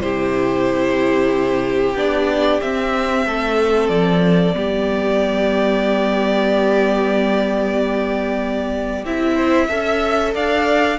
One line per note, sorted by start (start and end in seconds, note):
0.00 1.94 C3
0.00 1.96 E4
0.00 3.25 G4
0.00 1.94 C5
1.94 2.59 B3
1.94 2.60 D4
1.94 2.61 D5
2.61 3.25 C4
2.61 4.53 C4
2.61 3.88 E5
3.25 3.88 A3
3.25 4.55 A4
3.88 4.53 F3
3.88 9.05 D5
4.53 9.04 G3
4.53 9.05 B3
4.53 9.34 G4
9.04 9.69 C4
9.04 9.69 E4
9.04 10.34 E5
9.34 9.67 C5
9.69 10.34 C#4
9.69 10.98 A4
9.69 10.33 E5
10.33 10.98 D4
10.33 10.98 D5
10.33 10.98 F5